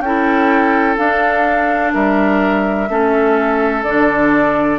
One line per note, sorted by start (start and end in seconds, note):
0.00 0.95 C#4
0.00 0.97 E4
0.00 1.93 A4
0.00 0.96 G5
0.97 2.87 D4
0.97 1.94 D4
0.97 1.93 F5
1.93 2.89 G3
1.93 2.89 A#4
1.93 3.84 E5
2.89 3.84 A3
2.89 3.84 C#4
2.89 4.79 A4
3.84 4.79 D3
3.84 4.79 D4
3.84 4.79 D5